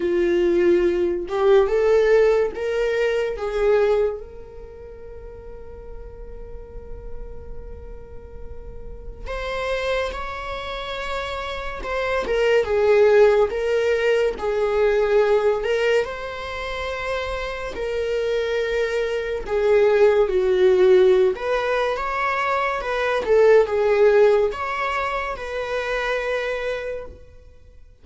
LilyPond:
\new Staff \with { instrumentName = "viola" } { \time 4/4 \tempo 4 = 71 f'4. g'8 a'4 ais'4 | gis'4 ais'2.~ | ais'2. c''4 | cis''2 c''8 ais'8 gis'4 |
ais'4 gis'4. ais'8 c''4~ | c''4 ais'2 gis'4 | fis'4~ fis'16 b'8. cis''4 b'8 a'8 | gis'4 cis''4 b'2 | }